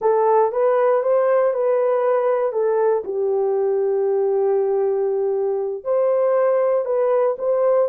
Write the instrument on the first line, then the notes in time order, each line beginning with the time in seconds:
horn
0.01 A4
0.52 B4
1.02 C5
1.53 B4
2.52 A4
3.04 G4
5.83 C5
6.85 B4
7.38 C5